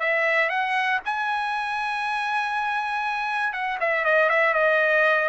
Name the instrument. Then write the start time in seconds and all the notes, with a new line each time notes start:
trumpet
0.00 E5
0.50 F#5
1.05 G#5
3.53 F#5
3.80 E5
4.05 D#5
4.30 E5
4.54 D#5